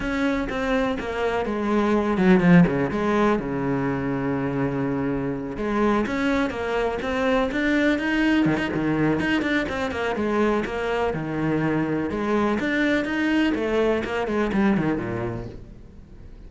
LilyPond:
\new Staff \with { instrumentName = "cello" } { \time 4/4 \tempo 4 = 124 cis'4 c'4 ais4 gis4~ | gis8 fis8 f8 cis8 gis4 cis4~ | cis2.~ cis8 gis8~ | gis8 cis'4 ais4 c'4 d'8~ |
d'8 dis'4 dis16 dis'16 dis4 dis'8 d'8 | c'8 ais8 gis4 ais4 dis4~ | dis4 gis4 d'4 dis'4 | a4 ais8 gis8 g8 dis8 ais,4 | }